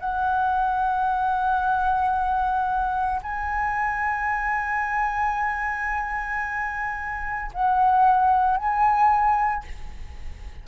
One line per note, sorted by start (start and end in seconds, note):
0.00 3.21 F#5
3.23 7.51 G#5
7.54 8.57 F#5
8.57 9.64 G#5